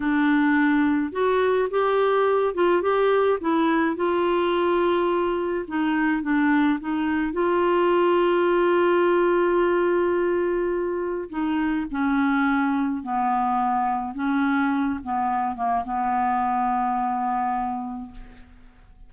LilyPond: \new Staff \with { instrumentName = "clarinet" } { \time 4/4 \tempo 4 = 106 d'2 fis'4 g'4~ | g'8 f'8 g'4 e'4 f'4~ | f'2 dis'4 d'4 | dis'4 f'2.~ |
f'1 | dis'4 cis'2 b4~ | b4 cis'4. b4 ais8 | b1 | }